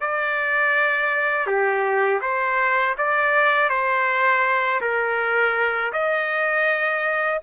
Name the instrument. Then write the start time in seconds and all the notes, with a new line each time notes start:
trumpet
0.00 D5
1.46 G4
2.21 C5
2.98 D5
3.69 C5
4.81 A#4
5.92 D#5